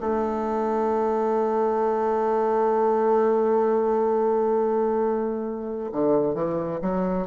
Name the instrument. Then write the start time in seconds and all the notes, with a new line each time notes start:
bassoon
0.00 A3
5.92 D3
6.34 E3
6.81 F#3